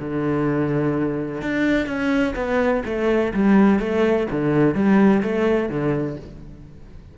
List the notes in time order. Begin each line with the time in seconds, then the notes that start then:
0.00 D3
1.42 D4
1.87 C#4
2.36 B3
2.86 A3
3.34 G3
3.80 A3
4.32 D3
4.75 G3
5.23 A3
5.70 D3